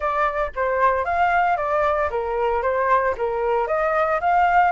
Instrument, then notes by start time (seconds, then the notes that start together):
flute
0.00 D5
0.55 C5
1.04 F5
1.56 D5
2.10 A#4
2.62 C5
3.17 A#4
3.67 D#5
4.20 F5